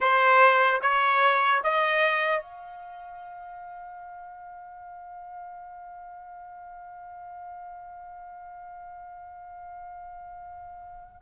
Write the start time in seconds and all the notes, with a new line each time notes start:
0.00 C5
0.81 C#5
1.63 D#5
2.41 F5